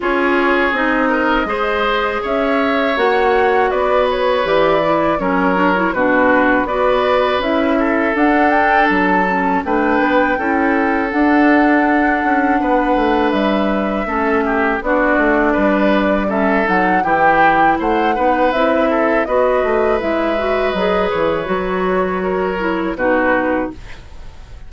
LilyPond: <<
  \new Staff \with { instrumentName = "flute" } { \time 4/4 \tempo 4 = 81 cis''4 dis''2 e''4 | fis''4 d''8 cis''8 d''4 cis''4 | b'4 d''4 e''4 fis''8 g''8 | a''4 g''2 fis''4~ |
fis''2 e''2 | d''2 e''8 fis''8 g''4 | fis''4 e''4 dis''4 e''4 | dis''8 cis''2~ cis''8 b'4 | }
  \new Staff \with { instrumentName = "oboe" } { \time 4/4 gis'4. ais'8 c''4 cis''4~ | cis''4 b'2 ais'4 | fis'4 b'4. a'4.~ | a'4 b'4 a'2~ |
a'4 b'2 a'8 g'8 | fis'4 b'4 a'4 g'4 | c''8 b'4 a'8 b'2~ | b'2 ais'4 fis'4 | }
  \new Staff \with { instrumentName = "clarinet" } { \time 4/4 f'4 dis'4 gis'2 | fis'2 g'8 e'8 cis'8 d'16 e'16 | d'4 fis'4 e'4 d'4~ | d'8 cis'8 d'4 e'4 d'4~ |
d'2. cis'4 | d'2 cis'8 dis'8 e'4~ | e'8 dis'8 e'4 fis'4 e'8 fis'8 | gis'4 fis'4. e'8 dis'4 | }
  \new Staff \with { instrumentName = "bassoon" } { \time 4/4 cis'4 c'4 gis4 cis'4 | ais4 b4 e4 fis4 | b,4 b4 cis'4 d'4 | fis4 a8 b8 cis'4 d'4~ |
d'8 cis'8 b8 a8 g4 a4 | b8 a8 g4. fis8 e4 | a8 b8 c'4 b8 a8 gis4 | fis8 e8 fis2 b,4 | }
>>